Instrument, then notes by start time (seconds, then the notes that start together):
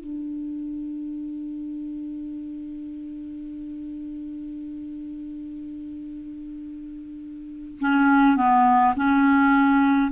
clarinet
0.00 D4
7.80 C#4
8.36 B3
8.96 C#4